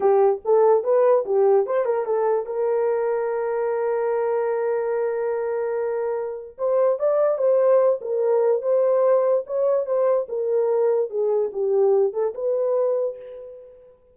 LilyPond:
\new Staff \with { instrumentName = "horn" } { \time 4/4 \tempo 4 = 146 g'4 a'4 b'4 g'4 | c''8 ais'8 a'4 ais'2~ | ais'1~ | ais'1 |
c''4 d''4 c''4. ais'8~ | ais'4 c''2 cis''4 | c''4 ais'2 gis'4 | g'4. a'8 b'2 | }